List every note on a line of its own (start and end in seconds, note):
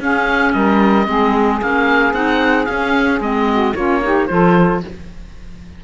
0.00 0.54 C#4
0.00 1.06 C#4
0.00 0.54 G#4
0.00 0.53 F5
0.53 1.08 G3
0.53 1.07 A#4
0.53 1.60 D#5
1.06 1.61 G#3
1.06 1.60 C4
1.06 3.48 G#4
1.62 2.14 A#3
1.62 2.14 C#4
1.62 2.14 F5
2.14 2.67 C4
2.14 2.66 D#4
2.14 2.66 F#5
2.66 3.19 C#4
2.66 3.20 C#4
2.66 3.19 F5
3.20 3.74 G#3
3.20 3.74 C4
3.20 3.75 D#5
3.50 3.74 F#4
3.74 4.29 A#3
3.74 4.03 C#4
3.74 4.01 F4
3.74 4.27 C#5
4.02 4.28 D#4
4.02 4.29 G4
4.27 4.83 F3
4.27 4.82 F4
4.27 4.84 A4
4.27 4.80 C5